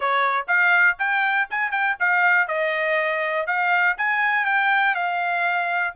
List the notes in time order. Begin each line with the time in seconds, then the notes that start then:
0.00 C#5
0.47 F5
0.98 G5
1.50 G#5
1.71 G5
1.99 F5
2.47 D#5
3.46 F5
3.97 G#5
4.45 G5
4.94 F5